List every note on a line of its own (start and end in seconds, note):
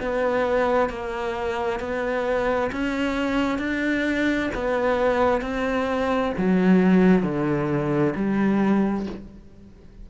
0.00 0.90 B3
0.90 1.80 A#3
1.80 2.71 B3
2.72 3.59 C#4
3.59 4.50 D4
4.55 5.42 B3
5.42 6.33 C4
6.38 7.23 F#3
7.23 8.14 D3
8.16 9.07 G3